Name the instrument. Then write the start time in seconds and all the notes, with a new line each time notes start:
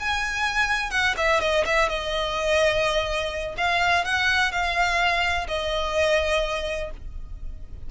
violin
0.00 G#5
0.91 F#5
1.18 E5
1.41 D#5
1.66 E5
1.89 D#5
3.58 F5
4.05 F#5
4.52 F5
5.48 D#5